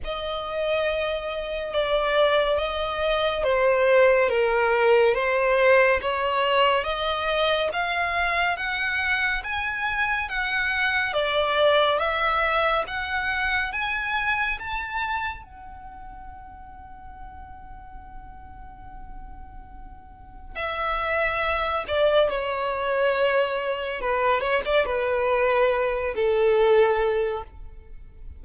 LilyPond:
\new Staff \with { instrumentName = "violin" } { \time 4/4 \tempo 4 = 70 dis''2 d''4 dis''4 | c''4 ais'4 c''4 cis''4 | dis''4 f''4 fis''4 gis''4 | fis''4 d''4 e''4 fis''4 |
gis''4 a''4 fis''2~ | fis''1 | e''4. d''8 cis''2 | b'8 cis''16 d''16 b'4. a'4. | }